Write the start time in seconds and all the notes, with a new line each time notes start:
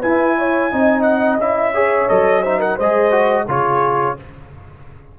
0.00 E4 B4 G#5
0.38 C#5
0.72 C4 D#4 D#5
1.03 F#5
1.38 C#4 E4 E5
1.74 G#4 C#5
2.09 F#3 A4 D#5
2.42 D#4 C5 E5
2.59 A#4 F#5
2.76 G#3 C5 D#5
2.83 G#4
3.12 F#4
3.47 C#3 F4 G#4 C#5